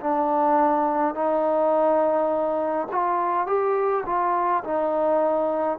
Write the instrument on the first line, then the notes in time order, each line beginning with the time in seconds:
trombone
0.00 D4
1.14 D#4
2.91 F4
3.47 G4
4.05 F4
4.64 D#4